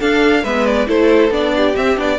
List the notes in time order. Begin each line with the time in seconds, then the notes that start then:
0.00 D4 A4 F5
0.44 G#3 B3 B4 E5
0.66 D5
0.87 A3 E4 A4 C5
1.30 B3 D4 D5
1.56 G4
1.76 C4 E5
1.97 B3 D4 D5